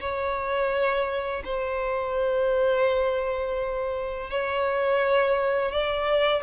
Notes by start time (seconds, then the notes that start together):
0.00 C#5
1.44 C5
4.30 C#5
5.72 D5